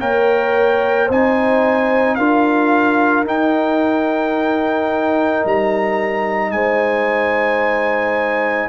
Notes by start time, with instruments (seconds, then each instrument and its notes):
0.00 tuba A#3, trombone A#4, horn C#5, trumpet G5
1.06 tuba C4, trombone D#4, horn C5, trumpet G#5
2.15 tuba D4, trombone F4, horn A#4, trumpet F5
3.25 tuba D#4, trombone D#4, trumpet G5
5.45 tuba G3, trumpet A#5
6.51 tuba G#3, horn C5, trumpet G#5